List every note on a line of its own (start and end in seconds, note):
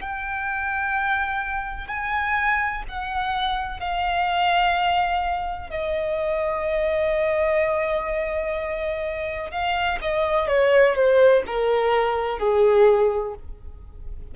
0.00 1.87 G5
1.87 2.83 G#5
2.88 3.80 F#5
3.80 5.70 F5
5.70 9.51 D#5
9.51 9.98 F5
10.01 10.47 D#5
10.47 10.95 C#5
10.95 11.42 C5
11.46 12.39 A#4
12.39 13.34 G#4